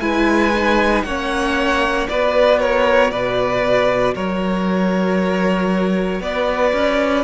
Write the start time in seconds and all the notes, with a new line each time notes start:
0.00 G#3 E4 B4 G#5
0.55 D#4
1.03 A#3 C#4 C#5 F#5
2.08 B3 F#4 B4 D5
2.59 A#4 C#5
3.11 B2 B4 D5
4.15 F#3 A#4 C#5
6.20 B3 B4 D5
6.73 C#4